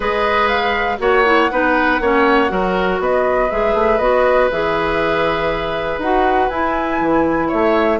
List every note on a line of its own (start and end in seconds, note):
0.00 0.99 G#3
0.00 0.98 G#4
0.00 0.96 B4
0.00 0.47 D#5
0.47 0.97 F5
0.98 1.49 A#3
0.98 1.23 F#4
0.98 1.51 C#5
0.98 3.00 F#5
1.25 1.50 E4
1.51 2.00 B3
1.51 2.01 D#4
1.51 2.01 B4
2.00 2.50 A#3
2.00 2.48 C#4
2.00 2.51 C#5
2.48 2.99 F#3
2.48 3.48 F#4
2.48 3.01 A#4
2.99 3.49 B3
2.99 7.47 B4
2.99 3.50 D#5
3.50 3.74 G#3
3.50 4.00 G#4
3.50 3.98 E5
3.74 3.99 A3
3.98 4.49 B3
3.98 4.50 F#4
3.98 4.48 D#5
4.50 5.98 E3
4.50 6.01 G#4
4.50 6.00 E5
5.98 6.48 D#4
5.98 6.51 F#4
5.98 6.48 F#5
6.48 7.00 E4
6.48 8.00 E4
6.48 7.48 G#5
7.00 7.50 E3
7.47 8.00 A3
7.47 7.97 C#5
7.47 7.99 E5